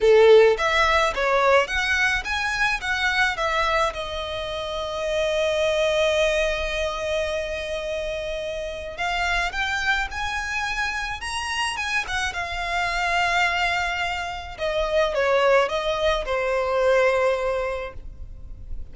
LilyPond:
\new Staff \with { instrumentName = "violin" } { \time 4/4 \tempo 4 = 107 a'4 e''4 cis''4 fis''4 | gis''4 fis''4 e''4 dis''4~ | dis''1~ | dis''1 |
f''4 g''4 gis''2 | ais''4 gis''8 fis''8 f''2~ | f''2 dis''4 cis''4 | dis''4 c''2. | }